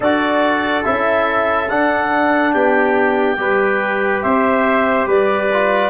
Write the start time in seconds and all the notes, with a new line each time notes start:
0.00 D4 F#4 A4 D5
0.83 C#4 E4 E5
1.69 D4 F#5
2.52 B3 G4 G5
3.37 G3 G4 B4
4.22 C4 C5 E5
5.06 G3 B4 D5
5.52 F4